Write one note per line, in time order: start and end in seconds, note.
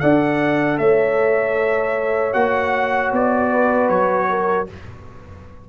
0.00 0.79 D4
0.00 2.33 A4
0.00 0.80 D5
0.00 0.78 F#5
0.79 2.35 A3
0.79 3.51 C#5
0.79 2.34 E5
2.33 3.12 A#3
2.33 4.67 F#4
2.33 3.12 F#5
3.12 3.90 B3
3.12 3.89 D5
3.51 4.29 B4
3.89 4.68 F#3
3.89 4.67 C#5
4.30 4.69 A#4